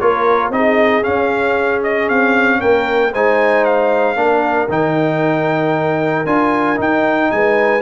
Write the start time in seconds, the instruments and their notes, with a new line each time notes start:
0.00 tuba A#3, trombone F4, horn A#4, trumpet C#5
0.50 tuba C4, trombone D#4, horn G#4, trumpet D#5
1.03 trombone C#4, tuba C#4, trumpet F5
1.84 trumpet D#5
2.09 tuba C4, trumpet F5
2.60 tuba A#3, horn A#4, trumpet G5
3.12 tuba G#3, trombone D#4, horn C5, trumpet G#5
3.65 trumpet F5
4.16 tuba A#3, trombone D4, horn A#4
4.69 tuba D#3, trombone D#4, trumpet G5
6.26 tuba D4, trombone F4, trumpet G#5
6.76 trombone D#4, tuba D#4, trumpet G5
7.31 tuba G#3, horn B4, trumpet G#5